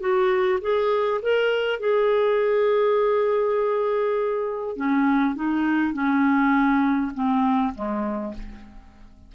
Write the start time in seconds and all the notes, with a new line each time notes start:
0.00 F#4
0.61 G#4
1.22 A#4
1.80 G#4
4.77 C#4
5.35 D#4
5.93 C#4
7.14 C4
7.74 G#3